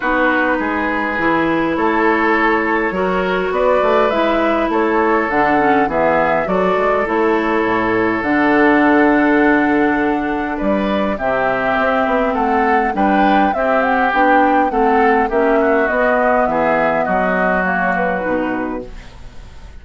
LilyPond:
<<
  \new Staff \with { instrumentName = "flute" } { \time 4/4 \tempo 4 = 102 b'2. cis''4~ | cis''2 d''4 e''4 | cis''4 fis''4 e''4 d''4 | cis''2 fis''2~ |
fis''2 d''4 e''4~ | e''4 fis''4 g''4 e''8 fis''8 | g''4 fis''4 e''4 dis''4 | e''4 dis''4 cis''8 b'4. | }
  \new Staff \with { instrumentName = "oboe" } { \time 4/4 fis'4 gis'2 a'4~ | a'4 ais'4 b'2 | a'2 gis'4 a'4~ | a'1~ |
a'2 b'4 g'4~ | g'4 a'4 b'4 g'4~ | g'4 a'4 g'8 fis'4. | gis'4 fis'2. | }
  \new Staff \with { instrumentName = "clarinet" } { \time 4/4 dis'2 e'2~ | e'4 fis'2 e'4~ | e'4 d'8 cis'8 b4 fis'4 | e'2 d'2~ |
d'2. c'4~ | c'2 d'4 c'4 | d'4 c'4 cis'4 b4~ | b2 ais4 dis'4 | }
  \new Staff \with { instrumentName = "bassoon" } { \time 4/4 b4 gis4 e4 a4~ | a4 fis4 b8 a8 gis4 | a4 d4 e4 fis8 gis8 | a4 a,4 d2~ |
d2 g4 c4 | c'8 b8 a4 g4 c'4 | b4 a4 ais4 b4 | e4 fis2 b,4 | }
>>